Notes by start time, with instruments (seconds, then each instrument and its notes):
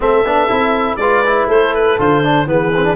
0.00 tuba A3, trombone C4, horn A4, oboe E5
0.24 tuba B3, trombone D4
0.48 tuba C4, trombone E4
0.96 tuba G#3, trombone F4, horn B4, oboe D5
1.25 trombone E4
1.47 tuba A3, horn A4, oboe C5
1.74 oboe B4
1.98 tuba D3, trombone F4, oboe C5
2.23 trombone D4
2.46 tuba E3, trombone B3, horn G#4, oboe B4
2.76 trombone C4
2.83 trombone D4